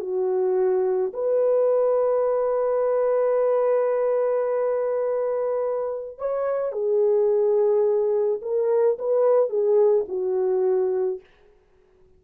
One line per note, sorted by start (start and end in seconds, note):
0.00 1.12 F#4
1.13 6.18 B4
6.18 6.72 C#5
6.72 8.40 G#4
8.42 8.98 A#4
8.99 9.49 B4
9.49 10.06 G#4
10.08 11.20 F#4